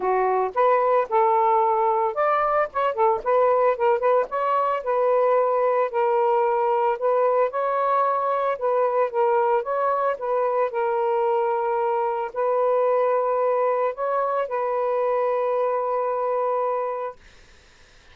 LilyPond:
\new Staff \with { instrumentName = "saxophone" } { \time 4/4 \tempo 4 = 112 fis'4 b'4 a'2 | d''4 cis''8 a'8 b'4 ais'8 b'8 | cis''4 b'2 ais'4~ | ais'4 b'4 cis''2 |
b'4 ais'4 cis''4 b'4 | ais'2. b'4~ | b'2 cis''4 b'4~ | b'1 | }